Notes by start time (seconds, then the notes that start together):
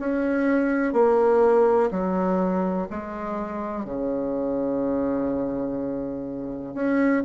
0.00 C#4
0.93 A#3
1.91 F#3
2.91 G#3
3.85 C#3
6.75 C#4